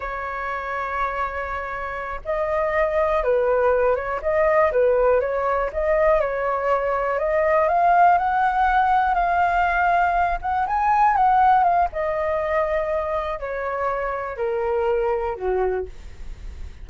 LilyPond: \new Staff \with { instrumentName = "flute" } { \time 4/4 \tempo 4 = 121 cis''1~ | cis''8 dis''2 b'4. | cis''8 dis''4 b'4 cis''4 dis''8~ | dis''8 cis''2 dis''4 f''8~ |
f''8 fis''2 f''4.~ | f''4 fis''8 gis''4 fis''4 f''8 | dis''2. cis''4~ | cis''4 ais'2 fis'4 | }